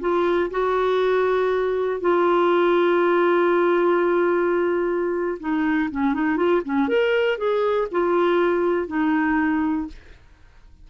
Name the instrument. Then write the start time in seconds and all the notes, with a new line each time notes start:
clarinet
0.00 F4
0.50 F#4
2.01 F4
5.40 D#4
5.91 C#4
6.14 D#4
6.37 F4
6.65 C#4
6.88 A#4
7.38 G#4
7.91 F4
8.87 D#4